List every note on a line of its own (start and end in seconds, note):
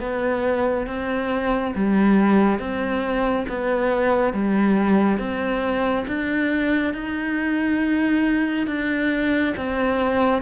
0.00 0.87 B3
0.87 1.74 C4
1.75 2.59 G3
2.59 3.46 C4
3.48 4.33 B3
4.33 5.18 G3
5.18 6.05 C4
6.07 6.94 D4
6.94 8.67 D#4
8.67 9.54 D4
9.57 10.42 C4